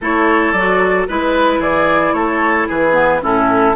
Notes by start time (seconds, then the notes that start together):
0.01 A3 E4 A4 C#5
0.52 F#3 F#4 D5
1.08 G#3 E4 B4
1.58 E3 G#4 D5
2.13 A3 A4 C#5
2.68 E3 G#4 B4
2.93 B3
3.22 A2 C#4 E4 A4